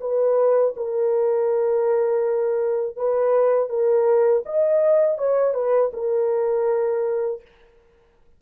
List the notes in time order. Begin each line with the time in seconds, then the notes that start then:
0.00 B4
0.76 A#4
2.96 B4
3.69 A#4
4.45 D#5
5.18 C#5
5.54 B4
5.93 A#4